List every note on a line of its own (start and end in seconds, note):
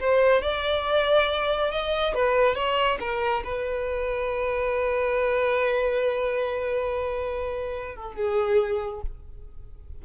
0.00 0.42 C5
0.42 1.71 D5
1.71 2.14 D#5
2.14 2.55 B4
2.55 2.98 C#5
3.00 3.43 A#4
3.44 7.96 B4
7.96 8.15 A4
8.15 9.02 G#4